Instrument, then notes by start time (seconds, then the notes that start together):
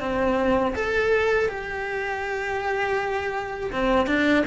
cello
0.00 C4
0.75 A4
1.49 G4
3.72 C4
4.07 D4